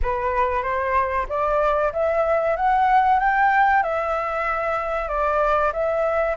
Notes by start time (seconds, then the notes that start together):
0.02 B4
0.62 C5
1.28 D5
1.92 E5
2.56 F#5
3.19 G5
3.83 E5
5.08 D5
5.72 E5